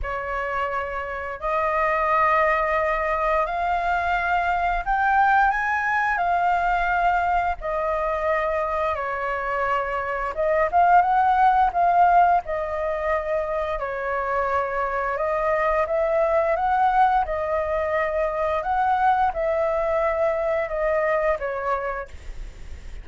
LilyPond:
\new Staff \with { instrumentName = "flute" } { \time 4/4 \tempo 4 = 87 cis''2 dis''2~ | dis''4 f''2 g''4 | gis''4 f''2 dis''4~ | dis''4 cis''2 dis''8 f''8 |
fis''4 f''4 dis''2 | cis''2 dis''4 e''4 | fis''4 dis''2 fis''4 | e''2 dis''4 cis''4 | }